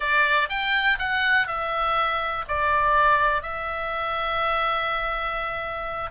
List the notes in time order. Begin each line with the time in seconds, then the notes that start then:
0.00 D5
0.49 G5
0.98 F#5
1.47 E5
2.48 D5
3.42 E5